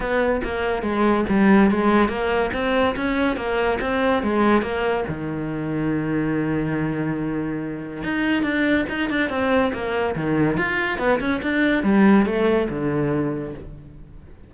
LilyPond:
\new Staff \with { instrumentName = "cello" } { \time 4/4 \tempo 4 = 142 b4 ais4 gis4 g4 | gis4 ais4 c'4 cis'4 | ais4 c'4 gis4 ais4 | dis1~ |
dis2. dis'4 | d'4 dis'8 d'8 c'4 ais4 | dis4 f'4 b8 cis'8 d'4 | g4 a4 d2 | }